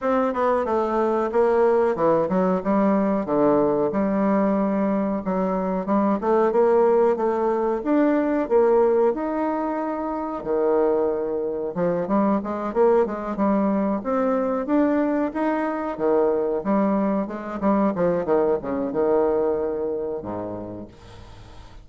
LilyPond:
\new Staff \with { instrumentName = "bassoon" } { \time 4/4 \tempo 4 = 92 c'8 b8 a4 ais4 e8 fis8 | g4 d4 g2 | fis4 g8 a8 ais4 a4 | d'4 ais4 dis'2 |
dis2 f8 g8 gis8 ais8 | gis8 g4 c'4 d'4 dis'8~ | dis'8 dis4 g4 gis8 g8 f8 | dis8 cis8 dis2 gis,4 | }